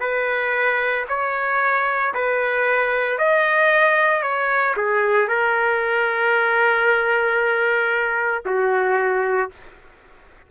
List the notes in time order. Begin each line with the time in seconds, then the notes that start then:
0.00 B4
1.09 C#5
2.14 B4
3.18 D#5
4.22 C#5
4.77 G#4
5.28 A#4
8.45 F#4